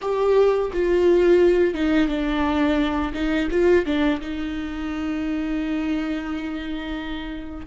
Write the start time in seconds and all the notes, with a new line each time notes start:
0.01 G4
0.73 F4
1.73 D#4
2.08 D4
3.13 D#4
3.50 F4
3.85 D4
4.20 D#4